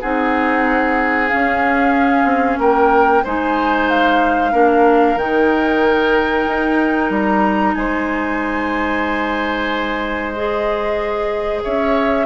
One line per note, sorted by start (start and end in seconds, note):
0.00 1.31 C4
0.00 1.30 D#4
0.00 2.59 G#4
0.00 1.28 F#5
1.28 3.23 C#4
1.28 2.24 C#4
1.28 2.57 F5
2.24 2.57 C4
2.58 3.22 A#3
2.58 3.24 A#4
2.58 3.25 G5
3.24 4.53 G#3
3.24 4.52 D#4
3.24 4.52 C5
3.24 3.89 G#5
3.89 5.18 F5
4.52 5.16 A#3
4.52 5.17 D4
4.52 7.74 A#4
5.16 6.45 D#3
5.16 10.35 D#4
5.16 7.11 G5
6.46 7.10 D#4
7.10 7.74 G3
7.10 7.74 A#5
7.74 11.63 G#3
7.74 11.63 C5
7.74 10.32 G#5
10.32 12.26 G#4
10.32 11.61 D#5
11.63 12.26 C#4
11.63 12.26 C#5
11.63 12.26 E5